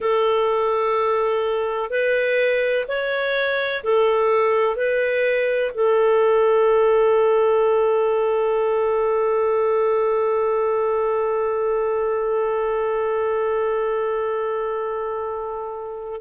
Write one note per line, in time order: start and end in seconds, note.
0.00 1.90 A4
1.90 2.85 B4
2.87 3.83 C#5
3.83 4.76 A4
4.76 5.71 B4
5.74 16.21 A4